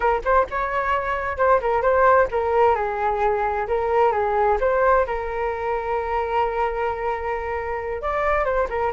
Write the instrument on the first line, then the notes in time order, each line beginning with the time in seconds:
flute
0.00 A#4
0.24 C5
0.50 C#5
1.37 C5
1.61 A#4
1.82 C5
2.31 A#4
2.75 G#4
3.67 A#4
4.12 G#4
4.60 C5
5.06 A#4
8.01 D5
8.44 C5
8.69 A#4